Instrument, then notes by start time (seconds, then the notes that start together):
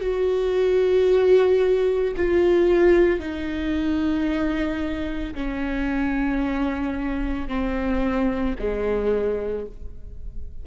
viola
0.00 F#4
2.16 F4
3.19 D#4
5.34 C#4
7.48 C4
8.59 G#3